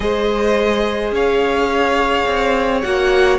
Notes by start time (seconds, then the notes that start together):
0.00 G#3 G#4 C5 D#5
1.11 C#4 C#5 F5
2.26 C4
2.81 A#3 F#4 F#5